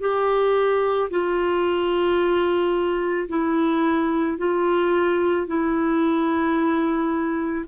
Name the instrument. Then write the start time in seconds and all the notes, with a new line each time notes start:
clarinet
0.00 G4
1.10 F4
3.29 E4
4.38 F4
5.47 E4